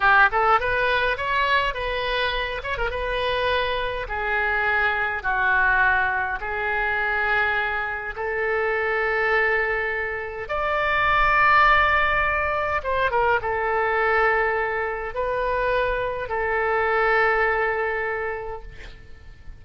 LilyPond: \new Staff \with { instrumentName = "oboe" } { \time 4/4 \tempo 4 = 103 g'8 a'8 b'4 cis''4 b'4~ | b'8 cis''16 ais'16 b'2 gis'4~ | gis'4 fis'2 gis'4~ | gis'2 a'2~ |
a'2 d''2~ | d''2 c''8 ais'8 a'4~ | a'2 b'2 | a'1 | }